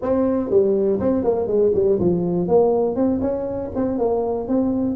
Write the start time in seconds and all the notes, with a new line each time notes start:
0.01 C4
0.50 G3
1.00 C4
1.24 A#3
1.47 G#3
1.74 G3
1.99 F3
2.48 A#3
2.95 C4
3.21 C#4
3.75 C4
3.98 A#3
4.47 C4